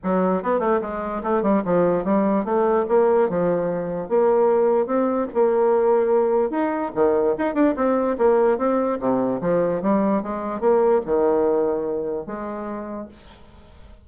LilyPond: \new Staff \with { instrumentName = "bassoon" } { \time 4/4 \tempo 4 = 147 fis4 b8 a8 gis4 a8 g8 | f4 g4 a4 ais4 | f2 ais2 | c'4 ais2. |
dis'4 dis4 dis'8 d'8 c'4 | ais4 c'4 c4 f4 | g4 gis4 ais4 dis4~ | dis2 gis2 | }